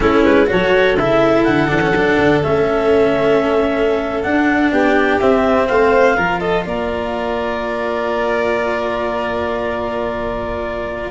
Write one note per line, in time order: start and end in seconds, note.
0.00 0.24 A3
0.00 0.46 C#4
0.00 0.49 E4
0.00 0.22 A4
0.24 0.48 G#3
0.24 0.48 B4
0.46 0.97 F#3
0.46 0.94 F#4
0.46 4.71 A4
0.46 0.97 C#5
0.97 1.46 C#3
0.97 1.67 E4
0.97 1.43 E5
1.43 1.70 D3
1.43 2.40 F#5
1.67 1.90 E3
1.67 1.79 D4
1.81 1.93 C#4
1.90 2.15 F#3
1.90 2.43 D4
2.17 2.41 D3
2.42 4.24 A3
2.42 4.23 C#4
2.42 4.22 E5
4.22 5.20 D4
4.22 4.72 D4
4.22 4.70 F#5
4.71 5.20 B3
4.71 5.68 G4
4.71 5.20 G5
5.20 5.69 C4
5.20 6.17 C4
5.20 5.67 E5
5.67 6.17 A3
5.67 6.16 C5
5.67 6.39 F5
6.16 6.65 F3
6.16 11.10 F4
6.16 6.40 A#4
6.39 6.64 A4
6.39 6.63 D#5
6.65 11.10 A#3
6.65 11.10 A#4
6.65 11.10 D5